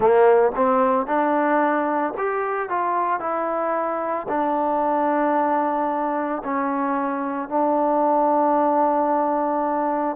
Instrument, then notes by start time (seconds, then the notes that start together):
trombone
0.00 A#3
0.56 C4
1.06 D4
2.17 G4
2.69 F4
3.19 E4
4.28 D4
6.44 C#4
7.49 D4